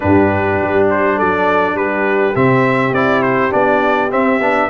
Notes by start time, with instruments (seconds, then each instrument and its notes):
0.00 tuba G2, trombone D4, horn G4, trumpet B4
0.61 tuba G3
0.89 trumpet C5
1.16 tuba F#3, horn A4, trumpet D5
1.75 tuba G3, horn G4, trumpet B4
2.35 tuba C3, trombone C4, trumpet E5
2.91 tuba C4, trombone E4, trumpet D5
3.22 trumpet C5
3.50 tuba B3, trombone D4, trumpet D5
4.10 trombone C4, tuba C4, trumpet E5
4.40 tuba B3, trombone D4